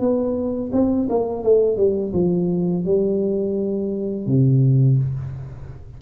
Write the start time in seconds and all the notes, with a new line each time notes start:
0.00 B3
0.73 C4
1.10 A#3
1.44 A3
1.77 G3
2.14 F3
2.85 G3
4.27 C3